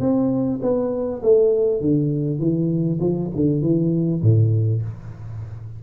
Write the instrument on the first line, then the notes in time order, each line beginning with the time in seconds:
tuba
0.00 C4
0.62 B3
1.23 A3
1.81 D3
2.39 E3
3.00 F3
3.36 D3
3.62 E3
4.22 A2